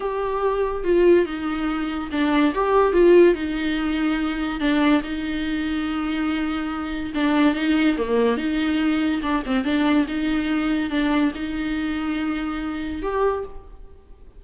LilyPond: \new Staff \with { instrumentName = "viola" } { \time 4/4 \tempo 4 = 143 g'2 f'4 dis'4~ | dis'4 d'4 g'4 f'4 | dis'2. d'4 | dis'1~ |
dis'4 d'4 dis'4 ais4 | dis'2 d'8 c'8 d'4 | dis'2 d'4 dis'4~ | dis'2. g'4 | }